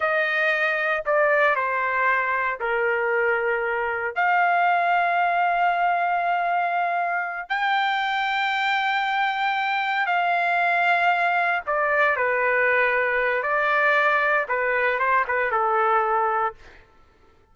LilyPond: \new Staff \with { instrumentName = "trumpet" } { \time 4/4 \tempo 4 = 116 dis''2 d''4 c''4~ | c''4 ais'2. | f''1~ | f''2~ f''8 g''4.~ |
g''2.~ g''8 f''8~ | f''2~ f''8 d''4 b'8~ | b'2 d''2 | b'4 c''8 b'8 a'2 | }